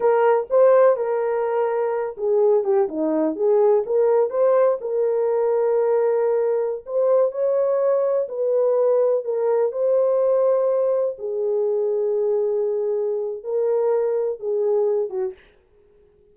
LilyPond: \new Staff \with { instrumentName = "horn" } { \time 4/4 \tempo 4 = 125 ais'4 c''4 ais'2~ | ais'8 gis'4 g'8 dis'4 gis'4 | ais'4 c''4 ais'2~ | ais'2~ ais'16 c''4 cis''8.~ |
cis''4~ cis''16 b'2 ais'8.~ | ais'16 c''2. gis'8.~ | gis'1 | ais'2 gis'4. fis'8 | }